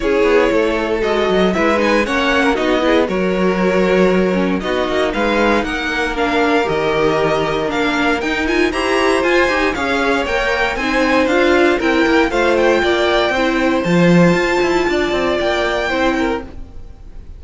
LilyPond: <<
  \new Staff \with { instrumentName = "violin" } { \time 4/4 \tempo 4 = 117 cis''2 dis''4 e''8 gis''8 | fis''4 dis''4 cis''2~ | cis''4 dis''4 f''4 fis''4 | f''4 dis''2 f''4 |
g''8 gis''8 ais''4 gis''4 f''4 | g''4 gis''4 f''4 g''4 | f''8 g''2~ g''8 a''4~ | a''2 g''2 | }
  \new Staff \with { instrumentName = "violin" } { \time 4/4 gis'4 a'2 b'4 | cis''8. ais'16 fis'8 gis'8 ais'2~ | ais'4 fis'4 b'4 ais'4~ | ais'1~ |
ais'4 c''2 cis''4~ | cis''4 c''2 ais'4 | c''4 d''4 c''2~ | c''4 d''2 c''8 ais'8 | }
  \new Staff \with { instrumentName = "viola" } { \time 4/4 e'2 fis'4 e'8 dis'8 | cis'4 dis'8 e'8 fis'2~ | fis'8 cis'8 dis'2. | d'4 g'2 d'4 |
dis'8 f'8 g'4 f'8 g'8 gis'4 | ais'4 dis'4 f'4 e'4 | f'2 e'4 f'4~ | f'2. e'4 | }
  \new Staff \with { instrumentName = "cello" } { \time 4/4 cis'8 b8 a4 gis8 fis8 gis4 | ais4 b4 fis2~ | fis4 b8 ais8 gis4 ais4~ | ais4 dis2 ais4 |
dis'4 e'4 f'8 dis'8 cis'4 | ais4 c'4 d'4 c'8 ais8 | a4 ais4 c'4 f4 | f'8 e'8 d'8 c'8 ais4 c'4 | }
>>